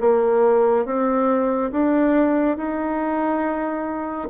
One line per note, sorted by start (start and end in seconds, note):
0.00 0.85 A#3
0.85 1.71 C4
1.71 2.57 D4
2.57 4.28 D#4